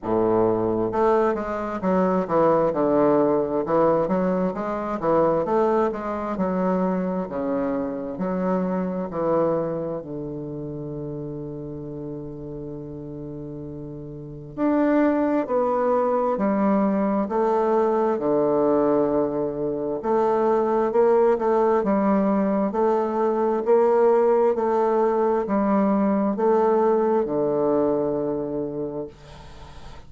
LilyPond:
\new Staff \with { instrumentName = "bassoon" } { \time 4/4 \tempo 4 = 66 a,4 a8 gis8 fis8 e8 d4 | e8 fis8 gis8 e8 a8 gis8 fis4 | cis4 fis4 e4 d4~ | d1 |
d'4 b4 g4 a4 | d2 a4 ais8 a8 | g4 a4 ais4 a4 | g4 a4 d2 | }